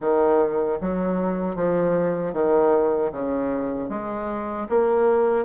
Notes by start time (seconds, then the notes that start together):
0.00 D#3
0.80 F#3
1.55 F3
2.33 D#3
3.12 C#3
3.89 G#3
4.69 A#3